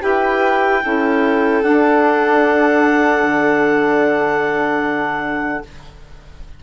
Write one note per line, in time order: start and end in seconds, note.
0.00 0.84 E4
0.00 0.80 G4
0.00 0.83 B4
0.00 1.63 G5
0.83 1.63 C#4
0.83 1.63 E4
0.83 5.63 A4
1.63 3.23 D4
1.63 5.63 D4
1.63 5.63 F#5
3.23 5.63 D3